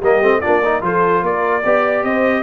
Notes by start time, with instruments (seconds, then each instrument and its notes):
0.00 tuba G3, trombone A#3, horn G4, trumpet D#5
0.21 tuba A3, trombone C4
0.41 tuba A#3, trombone D4, horn F4, trumpet D5
0.62 trombone D#4, horn A#4
0.81 tuba F3, trombone F4, horn A4, trumpet C5
1.22 tuba A#3, horn A#4, trumpet D5
1.65 tuba B3, trombone G4, horn D5
2.03 tuba C4, horn C5, trumpet D#5